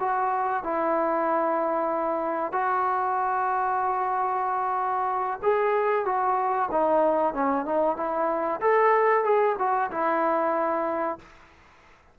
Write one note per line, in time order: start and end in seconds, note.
0.00 0.64 F#4
0.64 2.52 E4
2.52 5.40 F#4
5.43 6.05 G#4
6.05 6.69 F#4
6.71 7.34 D#4
7.34 7.65 C#4
7.65 7.96 D#4
7.96 8.60 E4
8.61 9.24 A4
9.24 9.56 G#4
9.59 9.91 F#4
9.91 11.18 E4